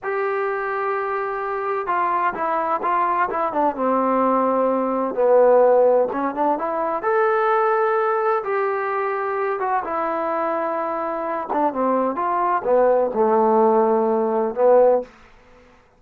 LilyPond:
\new Staff \with { instrumentName = "trombone" } { \time 4/4 \tempo 4 = 128 g'1 | f'4 e'4 f'4 e'8 d'8 | c'2. b4~ | b4 cis'8 d'8 e'4 a'4~ |
a'2 g'2~ | g'8 fis'8 e'2.~ | e'8 d'8 c'4 f'4 b4 | a2. b4 | }